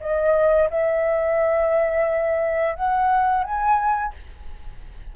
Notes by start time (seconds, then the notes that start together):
0.00 D#5
0.70 E5
2.76 F#5
3.44 G#5